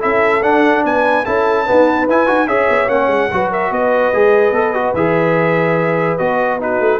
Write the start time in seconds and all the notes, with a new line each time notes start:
0.00 C#4 E4 A4 E5
0.42 D4 F#5
0.84 B3 B4 G#5
1.25 C#4 E4 A4 A5
1.65 B3 D#4 B4
2.08 E4 G#5
2.26 D#4 F#4
2.47 C#4 G#4 C#5 E5
2.69 B3
2.88 A#3 C#4 F#5
3.07 G#3
3.32 F#3 F#4 B4
3.50 A#4 E5
3.71 B3 B4 D#5
4.13 G#3 G#4
4.52 B3 A4
4.74 F#4
4.93 E3 G#4 E5
6.18 B3 F#4 D#5
6.60 D#4 F#4 B4
6.80 A3